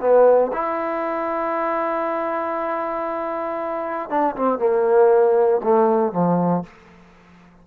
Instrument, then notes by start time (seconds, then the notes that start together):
trombone
0.00 B3
0.53 E4
4.10 D4
4.36 C4
4.59 A#3
5.63 A3
6.12 F3